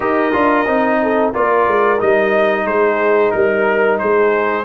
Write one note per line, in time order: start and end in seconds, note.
0.00 0.33 D#4
0.00 0.32 G4
0.00 0.99 A#4
0.00 1.32 D#5
0.32 0.65 D4
0.32 0.65 F4
0.65 1.32 C4
0.65 1.33 D#4
1.02 1.32 A4
1.32 1.67 A#3
1.32 1.98 F4
1.32 2.65 A#4
1.32 2.00 D5
1.67 2.00 G#3
1.98 2.65 G3
1.98 4.65 D#4
1.98 2.67 D#5
2.65 3.31 G#3
2.65 3.34 G#4
2.65 3.31 C5
3.31 4.00 G3
3.31 3.98 A#4
3.31 4.00 A#4
3.98 4.65 G#3
3.98 4.65 G#4
3.98 4.65 C5